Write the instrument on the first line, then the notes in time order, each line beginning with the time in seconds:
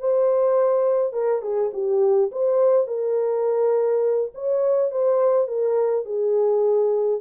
horn
0.00 C5
1.13 A#4
1.42 G#4
1.73 G4
2.32 C5
2.87 A#4
4.35 C#5
4.91 C5
5.48 A#4
6.06 G#4